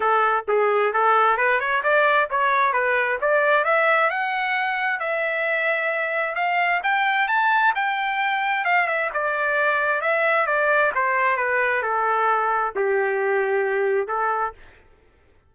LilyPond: \new Staff \with { instrumentName = "trumpet" } { \time 4/4 \tempo 4 = 132 a'4 gis'4 a'4 b'8 cis''8 | d''4 cis''4 b'4 d''4 | e''4 fis''2 e''4~ | e''2 f''4 g''4 |
a''4 g''2 f''8 e''8 | d''2 e''4 d''4 | c''4 b'4 a'2 | g'2. a'4 | }